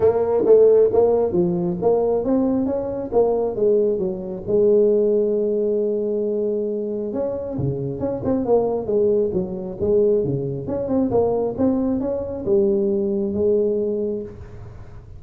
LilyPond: \new Staff \with { instrumentName = "tuba" } { \time 4/4 \tempo 4 = 135 ais4 a4 ais4 f4 | ais4 c'4 cis'4 ais4 | gis4 fis4 gis2~ | gis1 |
cis'4 cis4 cis'8 c'8 ais4 | gis4 fis4 gis4 cis4 | cis'8 c'8 ais4 c'4 cis'4 | g2 gis2 | }